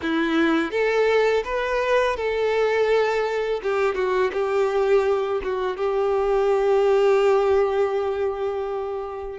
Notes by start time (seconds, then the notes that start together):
0.02 E4
0.71 A4
1.44 B4
2.16 A4
3.62 G4
3.95 F#4
4.32 G4
5.42 F#4
5.76 G4